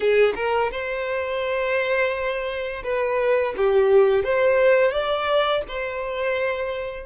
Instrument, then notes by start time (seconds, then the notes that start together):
violin
0.00 G#4
0.35 A#4
0.71 C5
2.83 B4
3.56 G4
4.24 C5
4.91 D5
5.68 C5